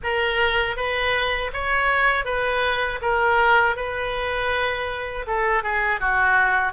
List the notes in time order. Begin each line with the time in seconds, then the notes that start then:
0.03 A#4
0.76 B4
1.53 C#5
2.24 B4
3.01 A#4
3.75 B4
5.27 A4
5.63 G#4
6.00 F#4